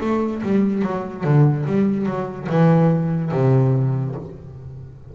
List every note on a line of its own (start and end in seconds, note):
0.00 0.42 A3
0.42 0.82 G3
0.82 1.24 F#3
1.24 1.66 D3
1.66 2.06 G3
2.06 2.47 F#3
2.49 3.31 E3
3.31 4.15 C3